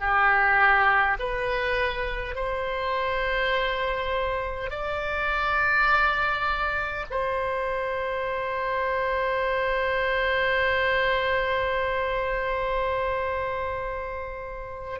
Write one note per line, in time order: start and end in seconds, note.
0.00 1.18 G4
1.19 2.35 B4
2.35 4.71 C5
4.71 7.06 D5
7.11 15.00 C5